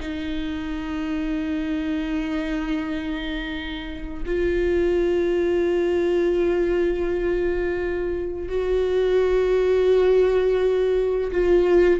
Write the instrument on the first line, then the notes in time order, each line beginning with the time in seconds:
viola
0.00 D#4
4.25 F4
8.48 F#4
11.31 F4